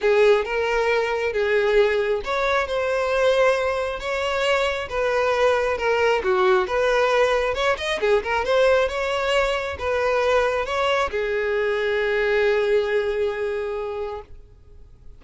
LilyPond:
\new Staff \with { instrumentName = "violin" } { \time 4/4 \tempo 4 = 135 gis'4 ais'2 gis'4~ | gis'4 cis''4 c''2~ | c''4 cis''2 b'4~ | b'4 ais'4 fis'4 b'4~ |
b'4 cis''8 dis''8 gis'8 ais'8 c''4 | cis''2 b'2 | cis''4 gis'2.~ | gis'1 | }